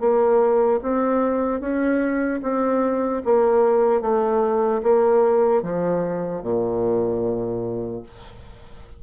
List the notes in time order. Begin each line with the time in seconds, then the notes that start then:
0.00 A#3
0.82 C4
1.60 C#4
2.42 C4
3.24 A#3
4.01 A3
4.83 A#3
5.62 F3
6.42 A#2